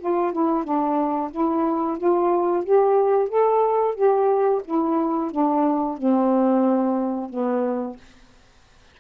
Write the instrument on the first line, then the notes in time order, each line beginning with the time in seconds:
saxophone
0.00 F4
0.33 E4
0.65 D4
1.32 E4
1.98 F4
2.65 G4
3.29 A4
3.95 G4
4.65 E4
5.32 D4
5.98 C4
7.30 B3